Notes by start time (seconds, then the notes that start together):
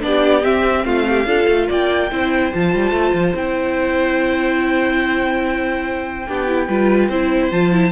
0.00 B3 D4 D5
0.07 G4
0.44 C4 E5
0.85 A3 F4 F5
1.09 G4
1.25 D4 F4 A4
1.48 A3
1.69 A#3 D5 G5
2.12 C4 E4 C5
2.54 F3 F4 A5
2.75 G3
2.91 A3
3.14 F3
3.36 C4 E4 G5
6.28 B3 D4 G4
6.48 E4
6.68 G3 F4 B4
7.09 C4 E4 C5
7.52 F3 F4 A5
7.73 E4